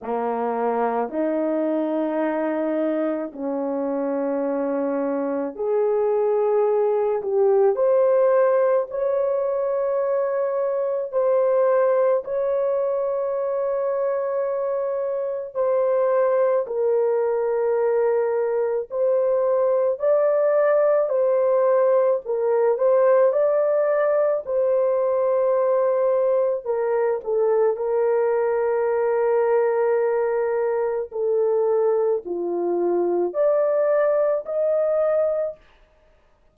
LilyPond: \new Staff \with { instrumentName = "horn" } { \time 4/4 \tempo 4 = 54 ais4 dis'2 cis'4~ | cis'4 gis'4. g'8 c''4 | cis''2 c''4 cis''4~ | cis''2 c''4 ais'4~ |
ais'4 c''4 d''4 c''4 | ais'8 c''8 d''4 c''2 | ais'8 a'8 ais'2. | a'4 f'4 d''4 dis''4 | }